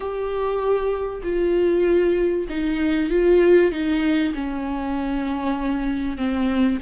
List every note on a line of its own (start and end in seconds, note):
0.00 1.22 G4
1.23 2.47 F4
2.49 3.10 D#4
3.10 3.71 F4
3.71 4.33 D#4
4.34 6.17 C#4
6.17 6.78 C4